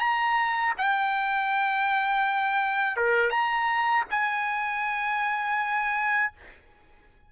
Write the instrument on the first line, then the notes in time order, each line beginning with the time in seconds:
trumpet
0.00 A#5
0.78 G5
2.97 A#4
3.31 A#5
4.11 G#5